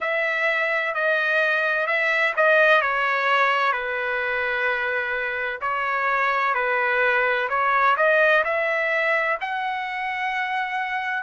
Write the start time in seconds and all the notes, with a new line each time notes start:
0.00 E5
0.94 D#5
1.86 E5
2.36 D#5
2.81 C#5
3.72 B4
5.61 C#5
6.54 B4
7.49 C#5
7.96 D#5
8.44 E5
9.40 F#5